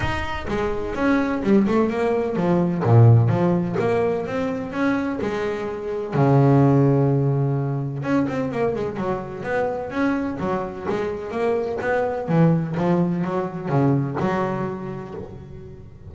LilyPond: \new Staff \with { instrumentName = "double bass" } { \time 4/4 \tempo 4 = 127 dis'4 gis4 cis'4 g8 a8 | ais4 f4 ais,4 f4 | ais4 c'4 cis'4 gis4~ | gis4 cis2.~ |
cis4 cis'8 c'8 ais8 gis8 fis4 | b4 cis'4 fis4 gis4 | ais4 b4 e4 f4 | fis4 cis4 fis2 | }